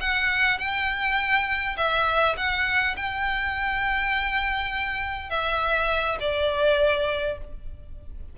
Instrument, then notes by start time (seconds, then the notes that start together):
violin
0.00 F#5
0.59 G5
1.77 E5
2.37 F#5
2.96 G5
5.29 E5
6.20 D5